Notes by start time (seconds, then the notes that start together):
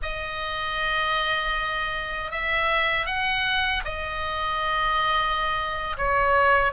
0.02 D#5
2.31 E5
3.06 F#5
3.85 D#5
5.97 C#5